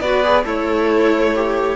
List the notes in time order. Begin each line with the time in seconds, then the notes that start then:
0.00 B3 F#4 B4 D5
0.23 G#4
0.44 A3 E4 A4 C#5
1.35 G4